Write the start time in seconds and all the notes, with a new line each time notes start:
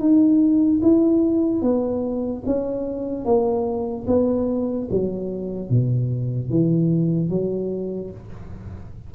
0.00 D#4
0.83 E4
1.62 B3
2.46 C#4
3.25 A#3
4.07 B3
4.91 F#3
5.70 B2
6.50 E3
7.30 F#3